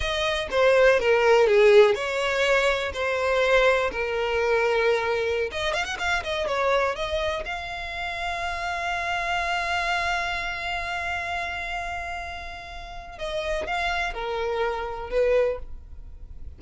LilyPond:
\new Staff \with { instrumentName = "violin" } { \time 4/4 \tempo 4 = 123 dis''4 c''4 ais'4 gis'4 | cis''2 c''2 | ais'2.~ ais'16 dis''8 f''16 | fis''16 f''8 dis''8 cis''4 dis''4 f''8.~ |
f''1~ | f''1~ | f''2. dis''4 | f''4 ais'2 b'4 | }